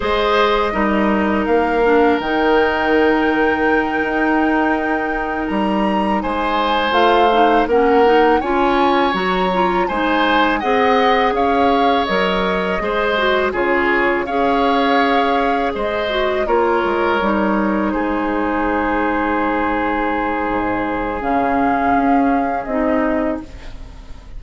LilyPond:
<<
  \new Staff \with { instrumentName = "flute" } { \time 4/4 \tempo 4 = 82 dis''2 f''4 g''4~ | g''2.~ g''8 ais''8~ | ais''8 gis''4 f''4 fis''4 gis''8~ | gis''8 ais''4 gis''4 fis''4 f''8~ |
f''8 dis''2 cis''4 f''8~ | f''4. dis''4 cis''4.~ | cis''8 c''2.~ c''8~ | c''4 f''2 dis''4 | }
  \new Staff \with { instrumentName = "oboe" } { \time 4/4 c''4 ais'2.~ | ais'1~ | ais'8 c''2 ais'4 cis''8~ | cis''4. c''4 dis''4 cis''8~ |
cis''4. c''4 gis'4 cis''8~ | cis''4. c''4 ais'4.~ | ais'8 gis'2.~ gis'8~ | gis'1 | }
  \new Staff \with { instrumentName = "clarinet" } { \time 4/4 gis'4 dis'4. d'8 dis'4~ | dis'1~ | dis'4. f'8 dis'8 cis'8 dis'8 f'8~ | f'8 fis'8 f'8 dis'4 gis'4.~ |
gis'8 ais'4 gis'8 fis'8 f'4 gis'8~ | gis'2 fis'8 f'4 dis'8~ | dis'1~ | dis'4 cis'2 dis'4 | }
  \new Staff \with { instrumentName = "bassoon" } { \time 4/4 gis4 g4 ais4 dis4~ | dis4. dis'2 g8~ | g8 gis4 a4 ais4 cis'8~ | cis'8 fis4 gis4 c'4 cis'8~ |
cis'8 fis4 gis4 cis4 cis'8~ | cis'4. gis4 ais8 gis8 g8~ | g8 gis2.~ gis8 | gis,4 cis4 cis'4 c'4 | }
>>